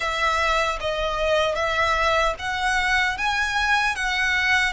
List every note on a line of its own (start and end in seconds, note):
0.00 0.78 E5
0.80 1.55 D#5
1.55 2.34 E5
2.39 3.17 F#5
3.17 3.95 G#5
3.95 4.72 F#5